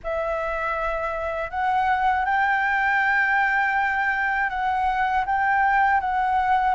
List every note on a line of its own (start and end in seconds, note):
0.03 1.50 E5
1.50 2.25 F#5
2.25 4.49 G5
4.49 5.24 F#5
5.26 6.00 G5
6.00 6.75 F#5